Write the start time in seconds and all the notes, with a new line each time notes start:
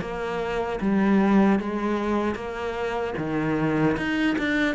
0.00 A#3
0.80 G3
1.59 G#3
2.35 A#3
3.17 D#3
3.97 D#4
4.38 D4